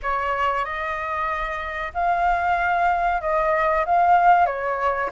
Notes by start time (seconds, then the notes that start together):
0.02 C#5
0.64 D#5
1.94 F5
3.21 D#5
3.85 F5
4.46 C#5